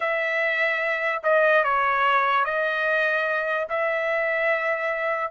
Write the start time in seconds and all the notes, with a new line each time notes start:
0.00 E5
1.23 D#5
1.63 C#5
2.45 D#5
3.69 E5